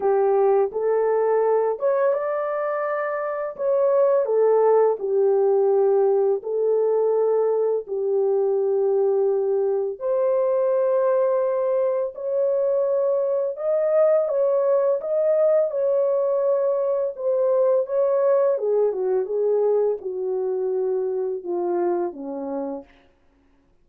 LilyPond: \new Staff \with { instrumentName = "horn" } { \time 4/4 \tempo 4 = 84 g'4 a'4. cis''8 d''4~ | d''4 cis''4 a'4 g'4~ | g'4 a'2 g'4~ | g'2 c''2~ |
c''4 cis''2 dis''4 | cis''4 dis''4 cis''2 | c''4 cis''4 gis'8 fis'8 gis'4 | fis'2 f'4 cis'4 | }